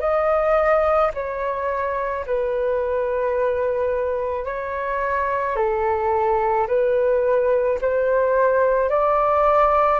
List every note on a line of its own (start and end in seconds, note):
0.00 1.11 D#5
1.14 2.25 C#5
2.25 4.45 B4
4.45 5.56 C#5
5.56 6.67 A4
6.67 7.78 B4
7.81 8.89 C5
8.89 9.99 D5